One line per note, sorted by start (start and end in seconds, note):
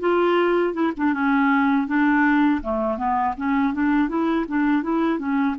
0.00 0.74 F4
0.74 0.92 E4
0.97 1.14 D4
1.14 1.87 C#4
1.87 2.61 D4
2.63 2.98 A3
2.98 3.35 B3
3.37 3.74 C#4
3.74 4.09 D4
4.09 4.46 E4
4.48 4.83 D4
4.83 5.19 E4
5.19 5.56 C#4